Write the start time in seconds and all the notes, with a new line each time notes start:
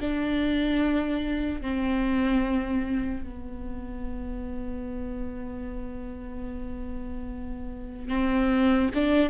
0.00 D4
1.61 C4
3.23 B3
8.08 C4
8.94 D4